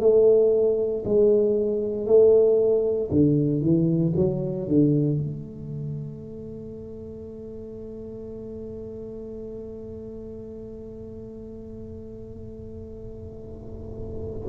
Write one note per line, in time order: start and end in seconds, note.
0.00 1.03 A3
1.05 2.06 G#3
2.06 3.10 A3
3.11 3.61 D3
3.61 4.13 E3
4.16 4.68 F#3
4.68 5.17 D3
5.17 14.48 A3